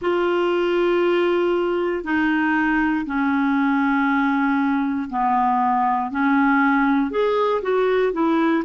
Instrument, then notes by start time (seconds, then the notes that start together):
clarinet
0.01 F4
2.03 D#4
3.06 C#4
5.09 B3
6.11 C#4
7.10 G#4
7.62 F#4
8.13 E4